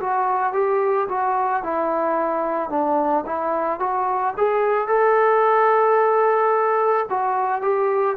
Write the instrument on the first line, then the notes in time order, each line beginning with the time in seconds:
trombone
0.00 F#4
0.53 G4
1.09 F#4
1.63 E4
2.70 D4
3.26 E4
3.79 F#4
4.37 G#4
4.87 A4
7.10 F#4
7.62 G4